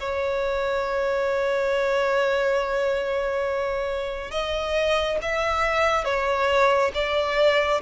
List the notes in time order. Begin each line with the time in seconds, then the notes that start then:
0.00 C#5
4.31 D#5
5.22 E5
6.05 C#5
6.94 D5